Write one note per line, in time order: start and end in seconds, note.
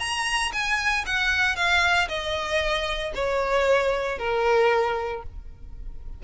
0.00 0.52 A#5
0.53 1.05 G#5
1.06 1.56 F#5
1.56 2.08 F5
2.09 3.13 D#5
3.15 4.19 C#5
4.19 5.23 A#4